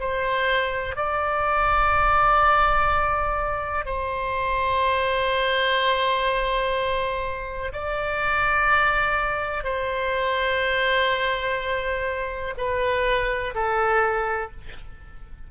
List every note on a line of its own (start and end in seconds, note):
0.00 0.96 C5
0.96 3.85 D5
3.85 7.72 C5
7.73 9.64 D5
9.64 12.54 C5
12.57 13.54 B4
13.54 14.51 A4